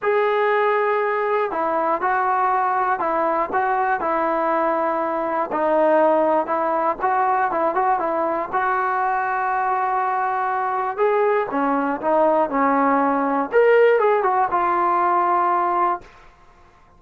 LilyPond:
\new Staff \with { instrumentName = "trombone" } { \time 4/4 \tempo 4 = 120 gis'2. e'4 | fis'2 e'4 fis'4 | e'2. dis'4~ | dis'4 e'4 fis'4 e'8 fis'8 |
e'4 fis'2.~ | fis'2 gis'4 cis'4 | dis'4 cis'2 ais'4 | gis'8 fis'8 f'2. | }